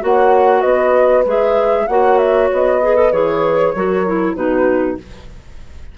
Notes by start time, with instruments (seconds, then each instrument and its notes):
0.00 bassoon A#3, clarinet F#4, horn C#5, flute F#5
0.60 bassoon B3, horn B4, flute D#5
1.25 bassoon G#3, clarinet G#4, flute E5
1.87 bassoon A#3, clarinet F#4, horn C#5, flute F#5
2.18 flute E5
2.52 bassoon B3, flute D#5
2.82 clarinet G#4, horn B4
2.95 clarinet A4
3.11 bassoon E3, clarinet G#4, flute C#5
3.74 bassoon F#3, clarinet F#4, horn A#4
4.06 clarinet E4
4.35 bassoon B2, clarinet D#4, horn F#4, flute B4